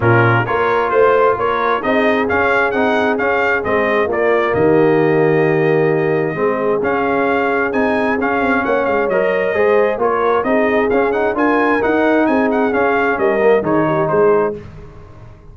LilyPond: <<
  \new Staff \with { instrumentName = "trumpet" } { \time 4/4 \tempo 4 = 132 ais'4 cis''4 c''4 cis''4 | dis''4 f''4 fis''4 f''4 | dis''4 d''4 dis''2~ | dis''2. f''4~ |
f''4 gis''4 f''4 fis''8 f''8 | dis''2 cis''4 dis''4 | f''8 fis''8 gis''4 fis''4 gis''8 fis''8 | f''4 dis''4 cis''4 c''4 | }
  \new Staff \with { instrumentName = "horn" } { \time 4/4 f'4 ais'4 c''4 ais'4 | gis'1~ | gis'4 f'4 g'2~ | g'2 gis'2~ |
gis'2. cis''4~ | cis''4 c''4 ais'4 gis'4~ | gis'4 ais'2 gis'4~ | gis'4 ais'4 gis'8 g'8 gis'4 | }
  \new Staff \with { instrumentName = "trombone" } { \time 4/4 cis'4 f'2. | dis'4 cis'4 dis'4 cis'4 | c'4 ais2.~ | ais2 c'4 cis'4~ |
cis'4 dis'4 cis'2 | ais'4 gis'4 f'4 dis'4 | cis'8 dis'8 f'4 dis'2 | cis'4. ais8 dis'2 | }
  \new Staff \with { instrumentName = "tuba" } { \time 4/4 ais,4 ais4 a4 ais4 | c'4 cis'4 c'4 cis'4 | gis4 ais4 dis2~ | dis2 gis4 cis'4~ |
cis'4 c'4 cis'8 c'8 ais8 gis8 | fis4 gis4 ais4 c'4 | cis'4 d'4 dis'4 c'4 | cis'4 g4 dis4 gis4 | }
>>